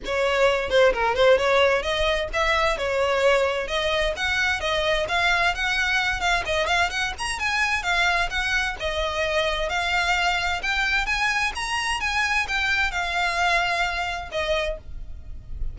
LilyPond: \new Staff \with { instrumentName = "violin" } { \time 4/4 \tempo 4 = 130 cis''4. c''8 ais'8 c''8 cis''4 | dis''4 e''4 cis''2 | dis''4 fis''4 dis''4 f''4 | fis''4. f''8 dis''8 f''8 fis''8 ais''8 |
gis''4 f''4 fis''4 dis''4~ | dis''4 f''2 g''4 | gis''4 ais''4 gis''4 g''4 | f''2. dis''4 | }